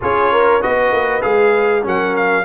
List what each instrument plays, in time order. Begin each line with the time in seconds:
0.01 tuba C#4, trombone F4, horn G#4, trumpet C#5
0.32 horn A#4
0.60 tuba B3, trombone F#4, horn B4, trumpet D#5
0.91 tuba A#3
1.21 tuba G#3, trombone G#4, trumpet F5
1.82 tuba F#3, trombone C#4, horn A#4, trumpet F#5
2.15 trumpet F5